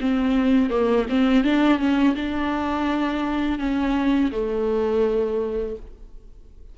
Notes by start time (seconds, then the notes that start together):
0.00 C4
0.70 A#3
1.09 C4
1.44 D4
1.78 C#4
2.15 D4
3.58 C#4
4.31 A3